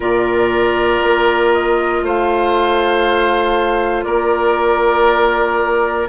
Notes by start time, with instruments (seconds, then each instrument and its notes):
0.00 bassoon A#2, clarinet F4, oboe A#4, flute D5
1.02 bassoon A#3
1.53 flute D#5
2.02 bassoon A3, oboe C5, flute F5
4.03 bassoon A#3, oboe A#4, flute D5